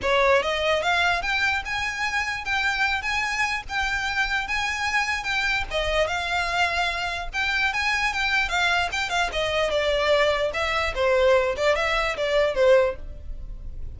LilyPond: \new Staff \with { instrumentName = "violin" } { \time 4/4 \tempo 4 = 148 cis''4 dis''4 f''4 g''4 | gis''2 g''4. gis''8~ | gis''4 g''2 gis''4~ | gis''4 g''4 dis''4 f''4~ |
f''2 g''4 gis''4 | g''4 f''4 g''8 f''8 dis''4 | d''2 e''4 c''4~ | c''8 d''8 e''4 d''4 c''4 | }